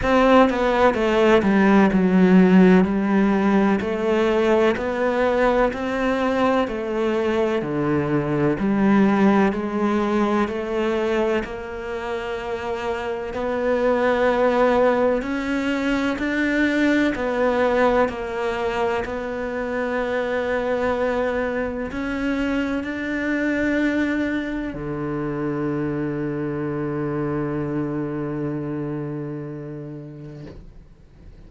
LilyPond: \new Staff \with { instrumentName = "cello" } { \time 4/4 \tempo 4 = 63 c'8 b8 a8 g8 fis4 g4 | a4 b4 c'4 a4 | d4 g4 gis4 a4 | ais2 b2 |
cis'4 d'4 b4 ais4 | b2. cis'4 | d'2 d2~ | d1 | }